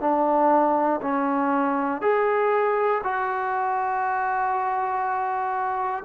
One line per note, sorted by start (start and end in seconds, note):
0.00 1.00 D4
1.02 2.01 C#4
2.01 3.01 G#4
3.03 6.03 F#4